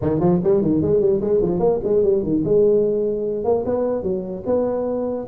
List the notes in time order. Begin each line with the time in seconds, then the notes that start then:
0.01 D#3
0.20 F3
0.43 G3
0.61 D#3
0.81 G#3
1.00 G3
1.20 G#3
1.42 F3
1.59 A#3
1.83 G#3
2.03 G3
2.23 D#3
2.44 G#3
3.44 A#3
3.65 B3
4.02 F#3
4.46 B3